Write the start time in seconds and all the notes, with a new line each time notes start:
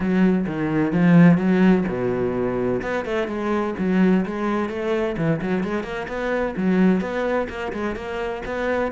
0.00 F#3
0.47 D#3
0.92 F3
1.37 F#3
1.87 B2
2.81 B3
3.05 A3
3.27 G#3
3.78 F#3
4.25 G#3
4.69 A3
5.17 E3
5.41 F#3
5.63 G#3
5.83 A#3
6.07 B3
6.56 F#3
7.00 B3
7.49 A#3
7.73 G#3
7.95 A#3
8.45 B3